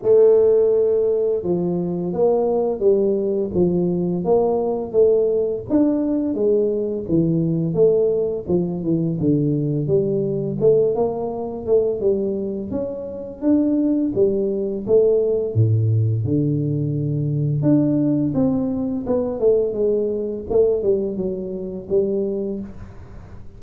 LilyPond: \new Staff \with { instrumentName = "tuba" } { \time 4/4 \tempo 4 = 85 a2 f4 ais4 | g4 f4 ais4 a4 | d'4 gis4 e4 a4 | f8 e8 d4 g4 a8 ais8~ |
ais8 a8 g4 cis'4 d'4 | g4 a4 a,4 d4~ | d4 d'4 c'4 b8 a8 | gis4 a8 g8 fis4 g4 | }